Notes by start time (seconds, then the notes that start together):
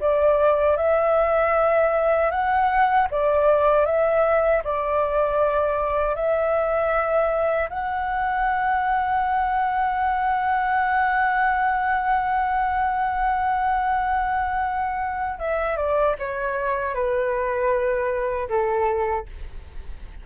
0.00 D5
0.77 E5
2.31 F#5
3.11 D5
3.86 E5
4.64 D5
6.15 E5
7.70 F#5
15.39 E5
15.77 D5
16.19 C#5
16.95 B4
18.49 A4